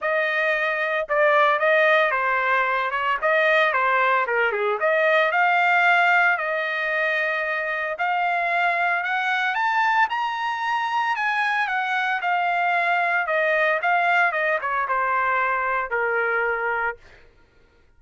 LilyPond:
\new Staff \with { instrumentName = "trumpet" } { \time 4/4 \tempo 4 = 113 dis''2 d''4 dis''4 | c''4. cis''8 dis''4 c''4 | ais'8 gis'8 dis''4 f''2 | dis''2. f''4~ |
f''4 fis''4 a''4 ais''4~ | ais''4 gis''4 fis''4 f''4~ | f''4 dis''4 f''4 dis''8 cis''8 | c''2 ais'2 | }